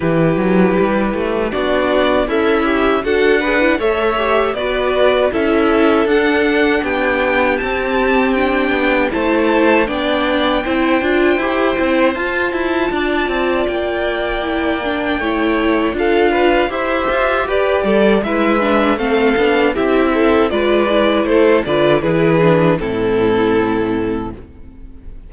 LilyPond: <<
  \new Staff \with { instrumentName = "violin" } { \time 4/4 \tempo 4 = 79 b'2 d''4 e''4 | fis''4 e''4 d''4 e''4 | fis''4 g''4 a''4 g''4 | a''4 g''2. |
a''2 g''2~ | g''4 f''4 e''4 d''4 | e''4 f''4 e''4 d''4 | c''8 d''8 b'4 a'2 | }
  \new Staff \with { instrumentName = "violin" } { \time 4/4 g'2 fis'4 e'4 | a'8 b'8 cis''4 b'4 a'4~ | a'4 g'2. | c''4 d''4 c''2~ |
c''4 d''2. | cis''4 a'8 b'8 c''4 b'8 a'8 | b'4 a'4 g'8 a'8 b'4 | a'8 b'8 gis'4 e'2 | }
  \new Staff \with { instrumentName = "viola" } { \time 4/4 e'2 d'4 a'8 g'8 | fis'8 gis'16 e16 a'8 g'8 fis'4 e'4 | d'2 c'4 d'4 | e'4 d'4 e'8 f'8 g'8 e'8 |
f'2. e'8 d'8 | e'4 f'4 g'2 | e'8 d'8 c'8 d'8 e'4 f'8 e'8~ | e'8 f'8 e'8 d'8 c'2 | }
  \new Staff \with { instrumentName = "cello" } { \time 4/4 e8 fis8 g8 a8 b4 cis'4 | d'4 a4 b4 cis'4 | d'4 b4 c'4. b8 | a4 b4 c'8 d'8 e'8 c'8 |
f'8 e'8 d'8 c'8 ais2 | a4 d'4 e'8 f'8 g'8 g8 | gis4 a8 b8 c'4 gis4 | a8 d8 e4 a,2 | }
>>